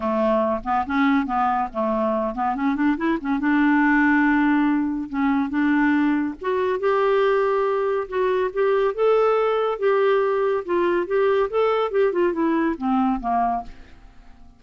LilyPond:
\new Staff \with { instrumentName = "clarinet" } { \time 4/4 \tempo 4 = 141 a4. b8 cis'4 b4 | a4. b8 cis'8 d'8 e'8 cis'8 | d'1 | cis'4 d'2 fis'4 |
g'2. fis'4 | g'4 a'2 g'4~ | g'4 f'4 g'4 a'4 | g'8 f'8 e'4 c'4 ais4 | }